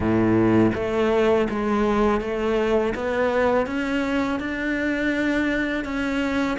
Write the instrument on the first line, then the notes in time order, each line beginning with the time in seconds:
cello
0.00 A2
0.75 A3
1.49 G#3
2.20 A3
2.94 B3
3.66 C#4
4.39 D4
5.84 C#4